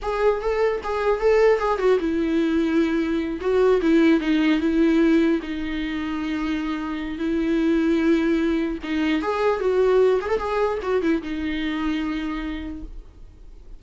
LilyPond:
\new Staff \with { instrumentName = "viola" } { \time 4/4 \tempo 4 = 150 gis'4 a'4 gis'4 a'4 | gis'8 fis'8 e'2.~ | e'8 fis'4 e'4 dis'4 e'8~ | e'4. dis'2~ dis'8~ |
dis'2 e'2~ | e'2 dis'4 gis'4 | fis'4. gis'16 a'16 gis'4 fis'8 e'8 | dis'1 | }